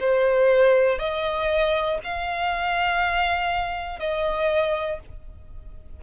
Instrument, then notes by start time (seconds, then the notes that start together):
violin
0.00 C5
0.99 D#5
2.04 F5
3.99 D#5